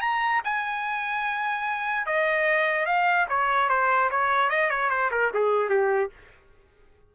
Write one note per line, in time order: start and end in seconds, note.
0.00 0.41 A#5
0.44 2.06 G#5
2.06 2.85 D#5
2.85 3.26 F5
3.29 3.69 C#5
3.69 4.10 C5
4.10 4.50 C#5
4.50 4.70 D#5
4.70 4.90 C#5
4.90 5.10 C5
5.11 5.31 A#4
5.33 5.69 G#4
5.69 6.10 G4